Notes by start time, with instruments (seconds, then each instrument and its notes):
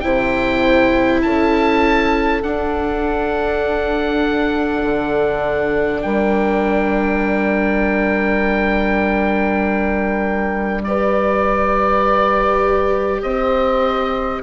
0.00 bassoon C3, viola E4, horn C5, oboe G5
1.23 bassoon C#4, horn A4, oboe A5
2.43 bassoon D4, viola D4, oboe F#5
4.82 bassoon D3
6.02 bassoon G3, horn A#4, oboe G5
10.84 viola G4, horn B4, oboe D5
13.22 bassoon C4, horn C5, oboe D#5